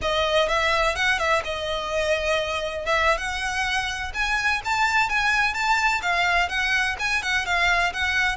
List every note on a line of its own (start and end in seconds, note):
0.01 0.48 D#5
0.48 0.95 E5
0.95 1.18 F#5
1.18 1.42 E5
1.44 2.85 D#5
2.85 3.17 E5
3.17 4.12 F#5
4.14 4.61 G#5
4.64 5.09 A5
5.09 5.54 G#5
5.54 6.01 A5
6.02 6.48 F5
6.48 6.96 F#5
6.99 7.22 G#5
7.22 7.45 F#5
7.45 7.92 F5
7.93 8.36 F#5